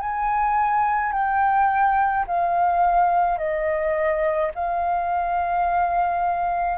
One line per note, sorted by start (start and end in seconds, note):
0.00 1.12 G#5
1.12 2.25 G5
2.27 3.38 F5
3.38 4.51 D#5
4.55 6.78 F5